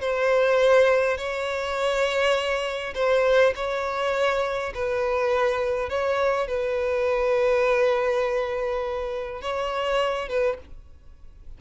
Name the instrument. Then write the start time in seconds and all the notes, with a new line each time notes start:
violin
0.00 C5
1.17 C#5
2.94 C5
3.55 C#5
4.74 B4
5.89 C#5
6.47 B4
9.41 C#5
10.28 B4